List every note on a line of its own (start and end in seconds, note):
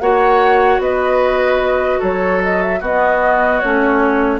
0.00 0.79 A#3
0.00 2.81 F#4
0.00 0.82 C#5
0.00 0.80 F#5
0.79 1.99 B3
0.79 2.00 B4
0.79 2.01 D#5
2.00 2.81 F#3
2.00 2.80 A4
2.00 2.42 C#5
2.43 2.62 D#5
2.62 2.82 E5
2.80 3.61 B3
2.80 3.62 B3
2.80 4.40 F#4
2.80 3.60 D#5
3.60 4.40 A3
3.60 4.40 C#4
3.60 4.40 C#5